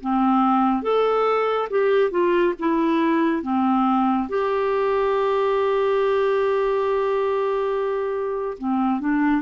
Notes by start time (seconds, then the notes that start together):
0.00 C4
0.82 A4
1.70 G4
2.11 F4
2.59 E4
3.42 C4
4.29 G4
8.58 C4
9.00 D4